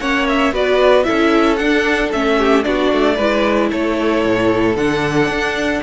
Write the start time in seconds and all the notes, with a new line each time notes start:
0.00 A#3 C#4 C#5 F#5
0.28 E5
0.52 B3 F#4 B4 D5
1.04 C#4 E4 A4 E5
1.56 D4 F#5
2.12 A3 C#4 E5
2.38 G4
2.63 B3 D4 F#4 D5
2.92 A3
3.16 G#3 E4 B4
3.71 A3 A4 C#5
4.25 A2
4.75 D3 D4 F#5
5.28 D4